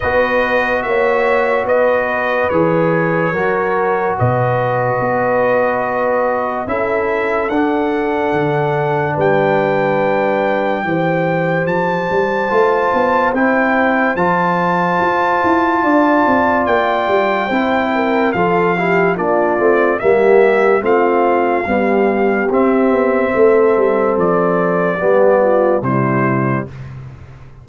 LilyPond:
<<
  \new Staff \with { instrumentName = "trumpet" } { \time 4/4 \tempo 4 = 72 dis''4 e''4 dis''4 cis''4~ | cis''4 dis''2. | e''4 fis''2 g''4~ | g''2 a''2 |
g''4 a''2. | g''2 f''4 d''4 | e''4 f''2 e''4~ | e''4 d''2 c''4 | }
  \new Staff \with { instrumentName = "horn" } { \time 4/4 b'4 cis''4 b'2 | ais'4 b'2. | a'2. b'4~ | b'4 c''2.~ |
c''2. d''4~ | d''4 c''8 ais'8 a'8 g'8 f'4 | g'4 f'4 g'2 | a'2 g'8 f'8 e'4 | }
  \new Staff \with { instrumentName = "trombone" } { \time 4/4 fis'2. gis'4 | fis'1 | e'4 d'2.~ | d'4 g'2 f'4 |
e'4 f'2.~ | f'4 e'4 f'8 e'8 d'8 c'8 | ais4 c'4 g4 c'4~ | c'2 b4 g4 | }
  \new Staff \with { instrumentName = "tuba" } { \time 4/4 b4 ais4 b4 e4 | fis4 b,4 b2 | cis'4 d'4 d4 g4~ | g4 e4 f8 g8 a8 b8 |
c'4 f4 f'8 e'8 d'8 c'8 | ais8 g8 c'4 f4 ais8 a8 | g4 a4 b4 c'8 b8 | a8 g8 f4 g4 c4 | }
>>